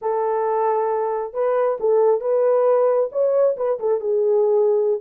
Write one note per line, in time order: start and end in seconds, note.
0.01 1.33 A4
1.33 1.78 B4
1.79 2.20 A4
2.20 3.09 B4
3.12 3.56 C#5
3.57 3.79 B4
3.79 4.00 A4
4.00 5.00 G#4